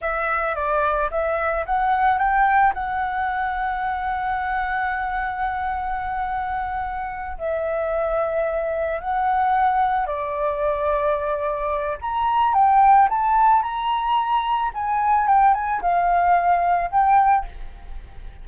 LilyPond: \new Staff \with { instrumentName = "flute" } { \time 4/4 \tempo 4 = 110 e''4 d''4 e''4 fis''4 | g''4 fis''2.~ | fis''1~ | fis''4. e''2~ e''8~ |
e''8 fis''2 d''4.~ | d''2 ais''4 g''4 | a''4 ais''2 gis''4 | g''8 gis''8 f''2 g''4 | }